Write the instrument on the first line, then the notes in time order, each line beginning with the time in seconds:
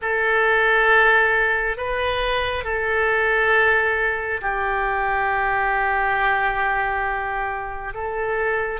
oboe
0.01 A4
1.77 B4
2.64 A4
4.41 G4
7.94 A4